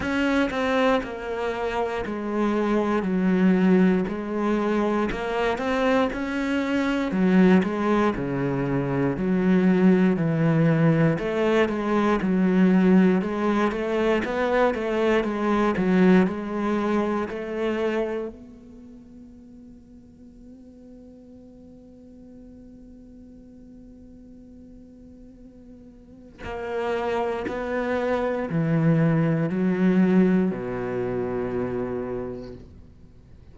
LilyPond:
\new Staff \with { instrumentName = "cello" } { \time 4/4 \tempo 4 = 59 cis'8 c'8 ais4 gis4 fis4 | gis4 ais8 c'8 cis'4 fis8 gis8 | cis4 fis4 e4 a8 gis8 | fis4 gis8 a8 b8 a8 gis8 fis8 |
gis4 a4 b2~ | b1~ | b2 ais4 b4 | e4 fis4 b,2 | }